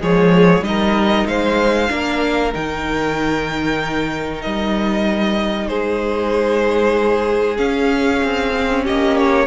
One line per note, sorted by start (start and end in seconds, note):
0.00 0.62 F3
0.00 0.63 G#3
0.00 0.65 G#4
0.00 0.65 C#5
0.62 1.25 G3
0.62 1.90 D#4
0.62 1.28 D#5
0.68 1.28 A#4
1.27 1.90 G#3
1.27 1.91 C5
1.27 2.54 F5
1.90 2.55 A#3
1.90 2.53 D4
1.90 5.68 A#4
2.54 4.45 D#3
2.54 7.57 D#4
2.54 4.42 G5
4.42 5.70 G3
4.42 5.68 D#5
5.68 7.59 G#3
5.68 8.84 G#4
5.68 7.58 C5
7.57 8.52 C#4
7.57 8.22 C#4
7.57 8.85 F5
8.24 8.87 C4
8.57 8.70 C4
8.70 9.47 C#4
8.84 9.47 A#3
8.84 9.47 G4
8.84 9.18 D#5
9.18 9.47 C#5